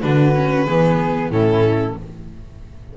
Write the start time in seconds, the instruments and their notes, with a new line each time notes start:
0.00 double bass D3, viola D4, flute F#4, violin B4
0.35 viola C#4
0.65 double bass E3, viola B3, flute G#4
1.30 double bass A2, viola C#4, flute E4, violin A4